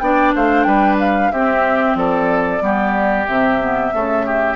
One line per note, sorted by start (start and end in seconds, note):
0.00 0.34 B3
0.00 1.34 D4
0.00 0.35 D5
0.00 0.33 G5
0.35 0.66 A3
0.35 0.67 C5
0.35 0.64 F5
0.64 1.31 G3
0.64 1.32 B4
0.64 0.96 G5
1.00 1.32 F5
1.32 1.96 C4
1.32 2.61 C4
1.32 1.98 G4
1.32 1.97 E5
1.96 2.61 F3
1.96 2.63 A4
1.96 3.27 D5
2.61 3.27 G3
2.61 3.26 B3
2.61 3.94 G4
3.27 3.94 C3
3.27 3.61 C4
3.27 4.57 E5
3.61 3.93 B3
3.93 4.57 C#3
3.93 4.57 A3
3.93 4.26 A4
4.26 4.57 G4